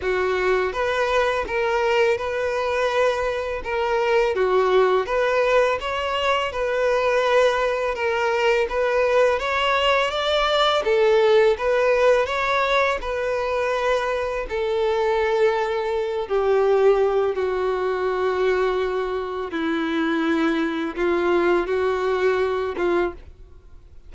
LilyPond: \new Staff \with { instrumentName = "violin" } { \time 4/4 \tempo 4 = 83 fis'4 b'4 ais'4 b'4~ | b'4 ais'4 fis'4 b'4 | cis''4 b'2 ais'4 | b'4 cis''4 d''4 a'4 |
b'4 cis''4 b'2 | a'2~ a'8 g'4. | fis'2. e'4~ | e'4 f'4 fis'4. f'8 | }